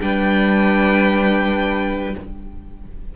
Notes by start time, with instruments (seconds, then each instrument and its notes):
0.00 cello G3, viola D4, violin B4 G5